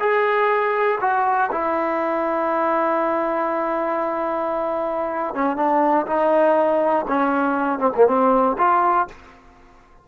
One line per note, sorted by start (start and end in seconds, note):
0.00 0.99 G#4
1.01 1.51 F#4
1.52 5.35 E4
5.35 5.57 C#4
5.57 6.06 D4
6.07 7.06 D#4
7.08 7.79 C#4
7.79 7.92 C4
7.95 8.07 A#3
8.07 8.57 C4
8.58 9.08 F4